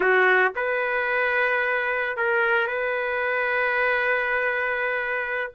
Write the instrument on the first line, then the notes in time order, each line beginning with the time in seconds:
trumpet
0.00 F#4
0.55 B4
2.16 A#4
2.67 B4